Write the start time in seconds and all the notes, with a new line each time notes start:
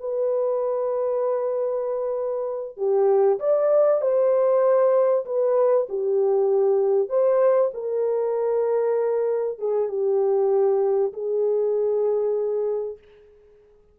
0.00 B4
2.77 G4
3.40 D5
4.01 C5
5.25 B4
5.89 G4
7.09 C5
7.74 A#4
9.59 G#4
9.89 G4
11.13 G#4